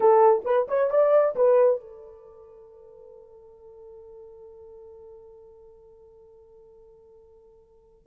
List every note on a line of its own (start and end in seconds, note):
0.00 0.43 A4
0.45 0.67 B4
0.68 0.90 C#5
0.90 1.35 D5
1.35 1.80 B4
1.80 8.06 A4